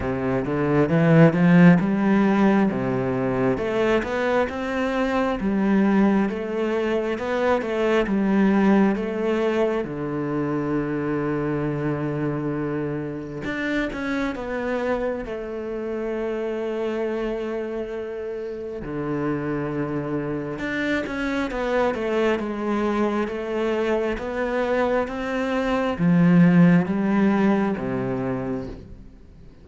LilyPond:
\new Staff \with { instrumentName = "cello" } { \time 4/4 \tempo 4 = 67 c8 d8 e8 f8 g4 c4 | a8 b8 c'4 g4 a4 | b8 a8 g4 a4 d4~ | d2. d'8 cis'8 |
b4 a2.~ | a4 d2 d'8 cis'8 | b8 a8 gis4 a4 b4 | c'4 f4 g4 c4 | }